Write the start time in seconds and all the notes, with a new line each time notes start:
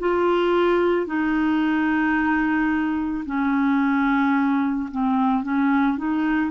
0.00 F4
1.07 D#4
3.26 C#4
4.92 C4
5.43 C#4
5.98 D#4